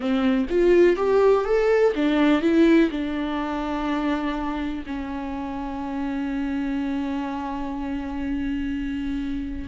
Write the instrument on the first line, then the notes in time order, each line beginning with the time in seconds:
viola
0.00 C4
0.49 F4
0.96 G4
1.44 A4
1.95 D4
2.41 E4
2.90 D4
4.86 C#4